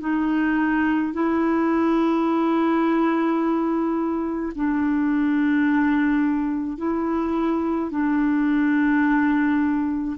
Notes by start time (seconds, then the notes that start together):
0.00 D#4
1.14 E4
4.56 D4
6.78 E4
7.91 D4